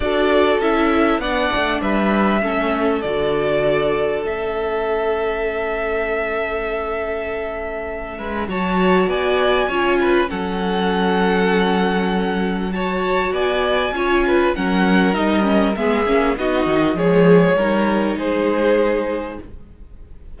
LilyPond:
<<
  \new Staff \with { instrumentName = "violin" } { \time 4/4 \tempo 4 = 99 d''4 e''4 fis''4 e''4~ | e''4 d''2 e''4~ | e''1~ | e''2 a''4 gis''4~ |
gis''4 fis''2.~ | fis''4 a''4 gis''2 | fis''4 dis''4 e''4 dis''4 | cis''2 c''2 | }
  \new Staff \with { instrumentName = "violin" } { \time 4/4 a'2 d''4 b'4 | a'1~ | a'1~ | a'4. b'8 cis''4 d''4 |
cis''8 b'8 a'2.~ | a'4 cis''4 d''4 cis''8 b'8 | ais'2 gis'4 fis'4 | gis'4 ais'4 gis'2 | }
  \new Staff \with { instrumentName = "viola" } { \time 4/4 fis'4 e'4 d'2 | cis'4 fis'2 cis'4~ | cis'1~ | cis'2 fis'2 |
f'4 cis'2.~ | cis'4 fis'2 f'4 | cis'4 dis'8 cis'8 b8 cis'8 dis'4 | gis4 dis'2. | }
  \new Staff \with { instrumentName = "cello" } { \time 4/4 d'4 cis'4 b8 a8 g4 | a4 d2 a4~ | a1~ | a4. gis8 fis4 b4 |
cis'4 fis2.~ | fis2 b4 cis'4 | fis4 g4 gis8 ais8 b8 dis8 | f4 g4 gis2 | }
>>